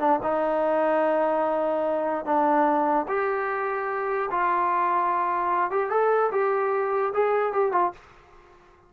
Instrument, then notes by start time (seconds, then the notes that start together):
trombone
0.00 D4
0.23 D#4
2.26 D4
3.08 G4
4.31 F4
5.71 G4
5.90 A4
6.32 G4
7.14 G#4
7.53 G4
7.73 F4